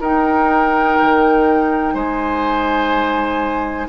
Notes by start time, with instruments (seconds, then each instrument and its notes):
0.00 bassoon D#4, clarinet D#4, oboe A#4, flute G5
1.01 bassoon D#3
1.94 bassoon G#3, oboe C5, flute G#5